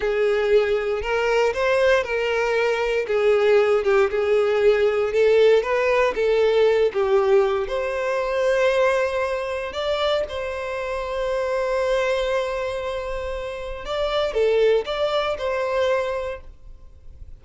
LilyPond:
\new Staff \with { instrumentName = "violin" } { \time 4/4 \tempo 4 = 117 gis'2 ais'4 c''4 | ais'2 gis'4. g'8 | gis'2 a'4 b'4 | a'4. g'4. c''4~ |
c''2. d''4 | c''1~ | c''2. d''4 | a'4 d''4 c''2 | }